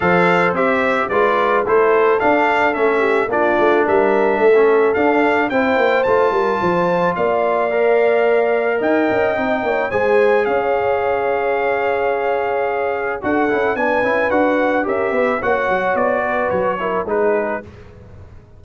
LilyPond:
<<
  \new Staff \with { instrumentName = "trumpet" } { \time 4/4 \tempo 4 = 109 f''4 e''4 d''4 c''4 | f''4 e''4 d''4 e''4~ | e''4 f''4 g''4 a''4~ | a''4 f''2. |
g''2 gis''4 f''4~ | f''1 | fis''4 gis''4 fis''4 e''4 | fis''4 d''4 cis''4 b'4 | }
  \new Staff \with { instrumentName = "horn" } { \time 4/4 c''2 b'4 a'4~ | a'4. g'8 f'4 ais'4 | a'2 c''4. ais'8 | c''4 d''2. |
dis''4. cis''8 c''4 cis''4~ | cis''1 | a'4 b'2 ais'8 b'8 | cis''4. b'4 ais'8 gis'4 | }
  \new Staff \with { instrumentName = "trombone" } { \time 4/4 a'4 g'4 f'4 e'4 | d'4 cis'4 d'2~ | d'16 cis'8. d'4 e'4 f'4~ | f'2 ais'2~ |
ais'4 dis'4 gis'2~ | gis'1 | fis'8 e'8 d'8 e'8 fis'4 g'4 | fis'2~ fis'8 e'8 dis'4 | }
  \new Staff \with { instrumentName = "tuba" } { \time 4/4 f4 c'4 gis4 a4 | d'4 a4 ais8 a8 g4 | a4 d'4 c'8 ais8 a8 g8 | f4 ais2. |
dis'8 cis'8 c'8 ais8 gis4 cis'4~ | cis'1 | d'8 cis'8 b8 cis'8 d'4 cis'8 b8 | ais8 fis8 b4 fis4 gis4 | }
>>